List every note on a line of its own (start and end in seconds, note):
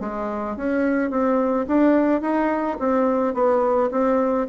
0.00 0.56 G#3
0.56 1.10 C#4
1.10 1.66 C4
1.67 2.21 D4
2.21 2.77 D#4
2.79 3.34 C4
3.34 3.90 B3
3.91 4.47 C4